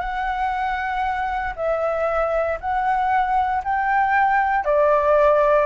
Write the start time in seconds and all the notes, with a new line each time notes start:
0.00 F#5
1.56 E5
2.60 F#5
3.64 G5
4.65 D5